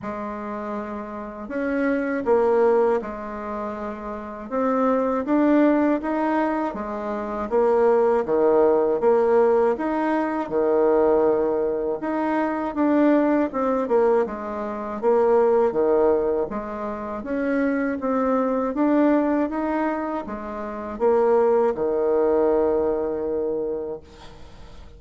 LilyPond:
\new Staff \with { instrumentName = "bassoon" } { \time 4/4 \tempo 4 = 80 gis2 cis'4 ais4 | gis2 c'4 d'4 | dis'4 gis4 ais4 dis4 | ais4 dis'4 dis2 |
dis'4 d'4 c'8 ais8 gis4 | ais4 dis4 gis4 cis'4 | c'4 d'4 dis'4 gis4 | ais4 dis2. | }